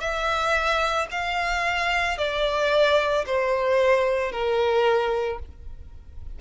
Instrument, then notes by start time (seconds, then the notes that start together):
violin
0.00 E5
1.11 F5
2.18 D5
3.26 C5
4.31 A#4